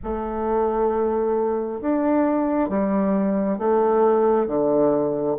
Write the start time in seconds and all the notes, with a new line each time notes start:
0.03 A3
1.81 D4
2.69 G3
3.58 A3
4.47 D3